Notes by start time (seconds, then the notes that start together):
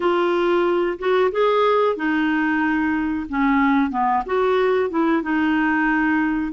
0.00 F4
0.98 F#4
1.31 G#4
1.96 D#4
3.29 C#4
3.90 B3
4.26 F#4
4.89 E4
5.22 D#4